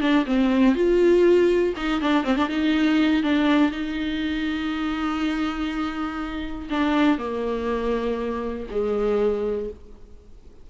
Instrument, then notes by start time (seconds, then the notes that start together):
viola
0.00 D4
0.26 C4
0.75 F4
1.76 D#4
2.01 D4
2.24 C4
2.36 D4
2.49 D#4
3.23 D4
3.71 D#4
6.70 D4
7.18 A#3
8.70 G#3